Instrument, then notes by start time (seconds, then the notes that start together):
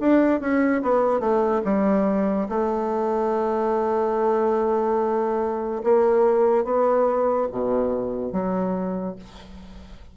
bassoon
0.00 D4
0.40 C#4
0.82 B3
1.20 A3
1.64 G3
2.48 A3
5.83 A#3
6.64 B3
7.51 B2
8.32 F#3